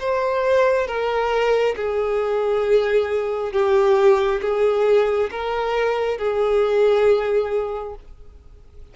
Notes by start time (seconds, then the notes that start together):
0.00 C5
0.87 A#4
1.76 G#4
3.53 G4
4.42 G#4
5.31 A#4
6.18 G#4